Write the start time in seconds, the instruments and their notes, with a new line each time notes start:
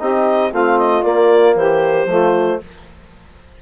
0.00 bassoon C4, trombone D#4, saxophone G4, clarinet D#5
0.51 bassoon A3, trombone C4, saxophone F4, clarinet F5
0.78 clarinet D#5
1.03 trombone A#3, bassoon A#3, clarinet D5
1.55 bassoon E3, saxophone G4, clarinet C5
2.06 bassoon F3, trombone A3, saxophone F4